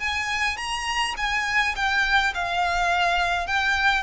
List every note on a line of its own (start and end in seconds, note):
0.00 0.57 G#5
0.57 1.15 A#5
1.17 1.75 G#5
1.76 2.33 G5
2.34 3.47 F5
3.47 4.03 G5